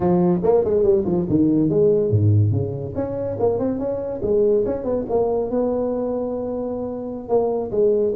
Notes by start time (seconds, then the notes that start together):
0.00 F3
0.43 A#3
0.64 G#3
0.83 G3
1.05 F3
1.29 D#3
1.69 G#3
2.10 G#2
2.51 C#3
2.95 C#4
3.39 A#3
3.58 C4
3.78 C#4
4.22 G#3
4.65 C#4
4.84 B3
5.09 A#3
5.50 B3
7.28 A#3
7.71 G#3